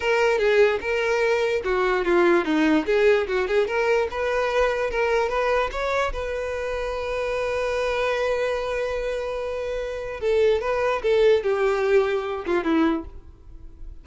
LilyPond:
\new Staff \with { instrumentName = "violin" } { \time 4/4 \tempo 4 = 147 ais'4 gis'4 ais'2 | fis'4 f'4 dis'4 gis'4 | fis'8 gis'8 ais'4 b'2 | ais'4 b'4 cis''4 b'4~ |
b'1~ | b'1~ | b'4 a'4 b'4 a'4 | g'2~ g'8 f'8 e'4 | }